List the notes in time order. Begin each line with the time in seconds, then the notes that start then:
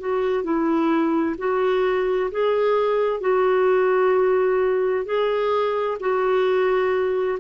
0.00 F#4
0.44 E4
1.38 F#4
2.31 G#4
3.21 F#4
5.06 G#4
6.00 F#4